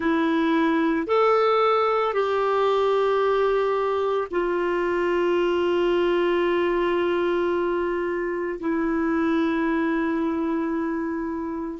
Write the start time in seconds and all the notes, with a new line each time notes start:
0.00 E4
1.07 A4
2.13 G4
4.31 F4
8.59 E4